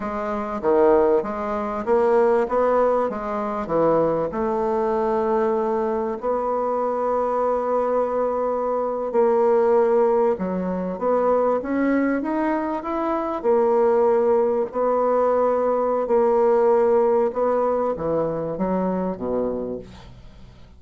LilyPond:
\new Staff \with { instrumentName = "bassoon" } { \time 4/4 \tempo 4 = 97 gis4 dis4 gis4 ais4 | b4 gis4 e4 a4~ | a2 b2~ | b2~ b8. ais4~ ais16~ |
ais8. fis4 b4 cis'4 dis'16~ | dis'8. e'4 ais2 b16~ | b2 ais2 | b4 e4 fis4 b,4 | }